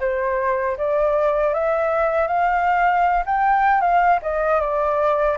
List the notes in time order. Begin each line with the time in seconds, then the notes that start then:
0.00 C5
0.77 D5
1.53 E5
2.27 F5
3.26 G5
3.81 F5
4.22 D#5
4.60 D5